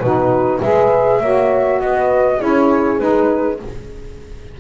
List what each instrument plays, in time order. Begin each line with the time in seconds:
0.00 double bass B2, saxophone D#4, horn F#4, flute B4
0.61 double bass G#3, saxophone G#4, horn B4, flute E5
1.21 double bass A#3, saxophone F#4, horn C#5
1.81 double bass B3, horn B4, flute D#5
2.38 double bass C#4, saxophone E4, horn G#4, flute C#5
3.00 double bass G#3, saxophone D#4, flute B4